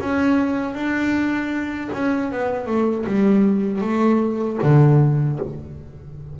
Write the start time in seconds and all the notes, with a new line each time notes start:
0.00 C#4
0.74 D4
1.93 C#4
2.32 B3
2.67 A3
3.06 G3
3.81 A3
4.63 D3